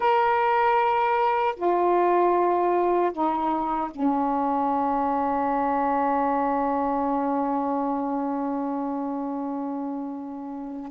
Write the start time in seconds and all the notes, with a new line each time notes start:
0.00 A#4
1.56 F4
3.12 D#4
3.91 C#4